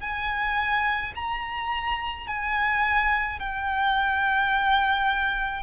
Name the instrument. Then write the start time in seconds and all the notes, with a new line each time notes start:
violin
0.00 G#5
1.15 A#5
2.27 G#5
3.40 G5